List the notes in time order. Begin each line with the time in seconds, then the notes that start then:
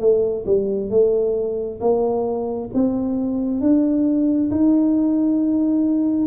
0.00 A3
0.45 G3
0.90 A3
1.80 A#3
2.74 C4
3.61 D4
4.51 D#4